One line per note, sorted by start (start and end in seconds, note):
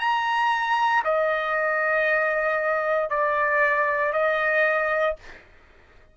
0.00 1.03 A#5
1.05 3.10 D#5
3.10 4.13 D5
4.13 5.17 D#5